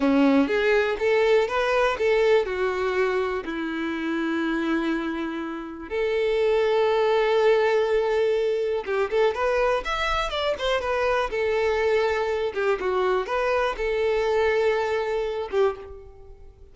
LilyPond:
\new Staff \with { instrumentName = "violin" } { \time 4/4 \tempo 4 = 122 cis'4 gis'4 a'4 b'4 | a'4 fis'2 e'4~ | e'1 | a'1~ |
a'2 g'8 a'8 b'4 | e''4 d''8 c''8 b'4 a'4~ | a'4. g'8 fis'4 b'4 | a'2.~ a'8 g'8 | }